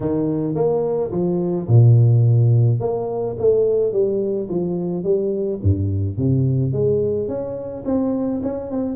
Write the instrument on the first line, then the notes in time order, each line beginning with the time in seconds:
tuba
0.00 D#3
0.55 A#3
1.11 F3
1.67 A#2
2.80 A#3
3.38 A3
3.92 G3
4.49 F3
5.03 G3
5.63 G2
6.17 C3
6.72 G#3
7.27 C#4
7.85 C4
8.42 C#4
8.70 C4